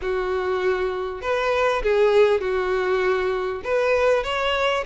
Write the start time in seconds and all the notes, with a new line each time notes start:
0.01 F#4
1.21 B4
1.82 G#4
2.40 F#4
3.64 B4
4.23 C#5